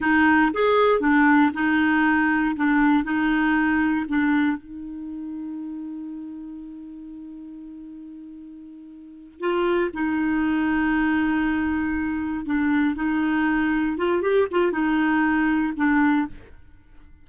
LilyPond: \new Staff \with { instrumentName = "clarinet" } { \time 4/4 \tempo 4 = 118 dis'4 gis'4 d'4 dis'4~ | dis'4 d'4 dis'2 | d'4 dis'2.~ | dis'1~ |
dis'2~ dis'8 f'4 dis'8~ | dis'1~ | dis'8 d'4 dis'2 f'8 | g'8 f'8 dis'2 d'4 | }